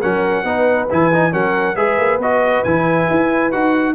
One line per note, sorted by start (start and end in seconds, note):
0.00 0.44 F#3
0.00 0.45 C#4
0.00 0.44 A#4
0.00 0.88 F#5
0.44 0.87 B3
0.44 0.89 D#4
0.44 1.32 B4
0.90 1.33 E3
0.90 1.12 E4
0.90 1.33 G#5
1.13 1.31 D#4
1.31 1.76 F#3
1.31 1.75 C#4
1.31 1.76 A#4
1.31 1.76 F#5
1.76 1.98 G#3
1.76 2.20 G#4
1.76 3.94 B4
1.76 2.19 E5
1.98 2.18 A#3
2.18 2.62 B3
2.18 2.66 F#4
2.18 2.64 D#5
2.64 3.09 E3
2.64 3.51 E4
2.64 3.51 G#5
3.10 3.54 E4
3.51 3.94 D#4
3.51 3.94 F#4
3.51 3.94 F#5